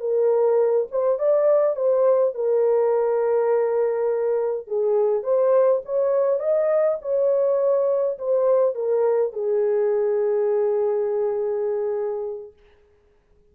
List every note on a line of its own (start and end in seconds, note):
0.00 0.87 A#4
0.91 1.19 C5
1.19 1.76 D5
1.76 2.34 C5
2.34 4.67 A#4
4.67 5.23 G#4
5.23 5.82 C5
5.85 6.40 C#5
6.40 6.98 D#5
7.02 8.18 C#5
8.18 8.75 C5
8.75 9.33 A#4
9.33 12.53 G#4